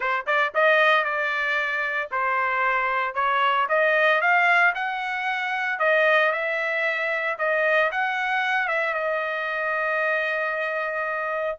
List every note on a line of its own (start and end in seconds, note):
0.00 0.25 C5
0.26 0.52 D5
0.54 1.04 D#5
1.04 2.09 D5
2.11 3.14 C5
3.14 3.67 C#5
3.68 4.21 D#5
4.21 4.73 F5
4.74 5.79 F#5
5.79 6.32 D#5
6.32 7.37 E5
7.38 7.90 D#5
7.91 8.67 F#5
8.67 8.94 E5
8.94 11.57 D#5